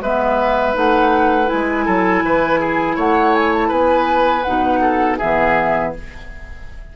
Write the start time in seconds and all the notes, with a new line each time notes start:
0.00 G#3 B3 B4 E5
0.74 A3 D#4 F#5
1.46 E4 G#5
1.53 G#3
1.86 F#3 A4
2.23 E3 B4
2.60 G#4
2.96 A3 C#5 F#5
3.35 G#5
3.54 A5
3.68 B3 B4 G#5
4.43 B2 D#4 F#5
4.82 A4
5.18 E3 B3 G#4 E5